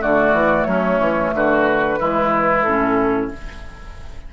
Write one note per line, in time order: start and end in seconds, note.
0.00 0.33 D3
0.00 1.98 A3
0.00 0.67 F#4
0.00 0.65 D5
0.33 0.66 E3
0.65 1.00 F#3
0.65 1.35 C#4
0.65 1.31 C#5
1.00 1.33 E3
1.34 2.00 D3
1.34 2.00 F#4
1.34 2.63 B4
1.98 2.65 E3
1.98 2.64 G#3
1.98 3.32 E4
2.63 3.31 A2
2.63 3.33 C#4
2.63 3.29 A4